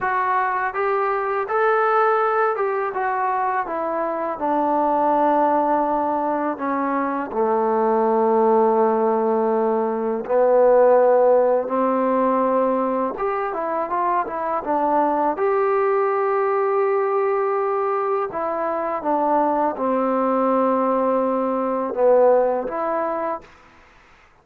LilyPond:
\new Staff \with { instrumentName = "trombone" } { \time 4/4 \tempo 4 = 82 fis'4 g'4 a'4. g'8 | fis'4 e'4 d'2~ | d'4 cis'4 a2~ | a2 b2 |
c'2 g'8 e'8 f'8 e'8 | d'4 g'2.~ | g'4 e'4 d'4 c'4~ | c'2 b4 e'4 | }